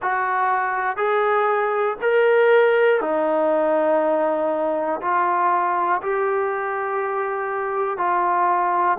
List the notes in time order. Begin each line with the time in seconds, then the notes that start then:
0.02 F#4
0.96 G#4
2.01 A#4
3.00 D#4
5.00 F4
6.01 G4
7.97 F4